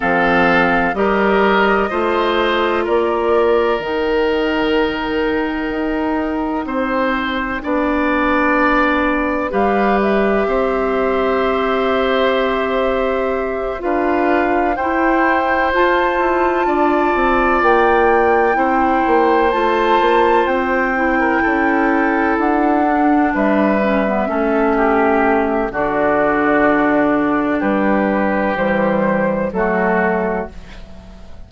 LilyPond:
<<
  \new Staff \with { instrumentName = "flute" } { \time 4/4 \tempo 4 = 63 f''4 dis''2 d''4 | g''1~ | g''2 f''8 e''4.~ | e''2~ e''8 f''4 g''8~ |
g''8 a''2 g''4.~ | g''8 a''4 g''2 fis''8~ | fis''8 e''2~ e''8 d''4~ | d''4 b'4 c''4 a'4 | }
  \new Staff \with { instrumentName = "oboe" } { \time 4/4 a'4 ais'4 c''4 ais'4~ | ais'2. c''4 | d''2 b'4 c''4~ | c''2~ c''8 b'4 c''8~ |
c''4. d''2 c''8~ | c''2~ c''16 ais'16 a'4.~ | a'8 b'4 a'8 g'4 fis'4~ | fis'4 g'2 fis'4 | }
  \new Staff \with { instrumentName = "clarinet" } { \time 4/4 c'4 g'4 f'2 | dis'1 | d'2 g'2~ | g'2~ g'8 f'4 e'8~ |
e'8 f'2. e'8~ | e'8 f'4. e'2 | d'4 cis'16 b16 cis'4. d'4~ | d'2 g4 a4 | }
  \new Staff \with { instrumentName = "bassoon" } { \time 4/4 f4 g4 a4 ais4 | dis2 dis'4 c'4 | b2 g4 c'4~ | c'2~ c'8 d'4 e'8~ |
e'8 f'8 e'8 d'8 c'8 ais4 c'8 | ais8 a8 ais8 c'4 cis'4 d'8~ | d'8 g4 a4. d4~ | d4 g4 e4 fis4 | }
>>